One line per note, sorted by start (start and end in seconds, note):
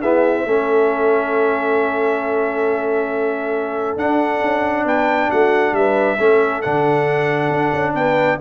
0.00 0.47 B3
0.00 0.46 E4
0.00 0.44 G#4
0.00 3.98 E5
0.46 3.96 A3
0.46 3.99 C#4
0.46 4.86 A4
3.96 4.40 D4
3.96 6.19 D4
3.96 4.86 F#5
4.42 4.85 C#4
4.85 5.29 B3
4.85 5.29 B4
4.85 5.31 G5
5.29 5.73 A3
5.29 5.74 F#4
5.29 5.75 F#5
5.73 6.17 G3
5.73 6.17 B4
5.73 6.62 E5
6.17 6.63 A3
6.17 6.63 C#4
6.17 7.93 A4
6.62 7.50 D3
6.62 8.40 D4
6.62 7.94 F#5
7.50 7.72 D4
7.73 7.94 C#4
7.94 8.39 B3
7.94 8.39 B4
7.94 8.39 G5